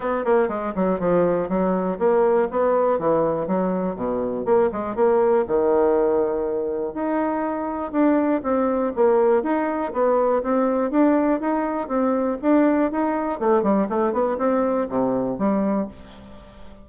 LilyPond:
\new Staff \with { instrumentName = "bassoon" } { \time 4/4 \tempo 4 = 121 b8 ais8 gis8 fis8 f4 fis4 | ais4 b4 e4 fis4 | b,4 ais8 gis8 ais4 dis4~ | dis2 dis'2 |
d'4 c'4 ais4 dis'4 | b4 c'4 d'4 dis'4 | c'4 d'4 dis'4 a8 g8 | a8 b8 c'4 c4 g4 | }